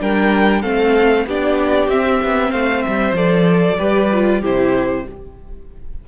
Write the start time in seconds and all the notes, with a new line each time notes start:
0.00 G3 D4 A#4 G5
0.61 A3 C4 A4 F5
1.26 B3 D4 G4 D5
1.88 C4 E5
2.22 B3
2.49 A3 C5 F5
2.82 G3 E5
3.12 F3 A4 D5
3.78 G3 G4 B4
4.13 F4
4.41 C3 E4 G4 C5